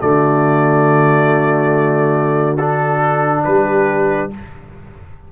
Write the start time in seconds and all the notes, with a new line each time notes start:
0.00 D3 A3 F#4 D5
2.57 D4 A4
3.45 G3 G4 B4